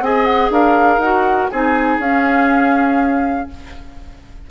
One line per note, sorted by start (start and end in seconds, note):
0.00 0.50 C4
0.00 1.02 G#4
0.00 0.52 D#5
0.00 0.25 G#5
0.25 0.50 F#5
0.50 0.98 D4
0.50 1.51 A#4
0.50 1.00 F5
0.98 1.47 D#4
0.98 1.52 F#4
0.98 1.49 F#5
1.50 1.99 C4
1.50 2.02 D#4
1.50 3.49 G#4
1.50 1.99 G#5
1.99 3.47 C#4
1.99 3.51 C#4
1.99 3.50 F5